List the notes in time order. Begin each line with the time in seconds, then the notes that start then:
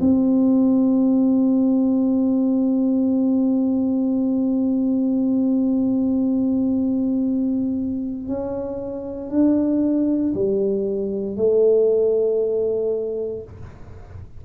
0.00 C4
8.28 C#4
9.30 D4
10.34 G3
11.36 A3